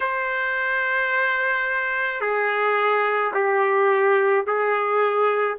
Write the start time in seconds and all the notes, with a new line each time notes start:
0.00 C5
2.20 G#4
3.33 G4
4.46 G#4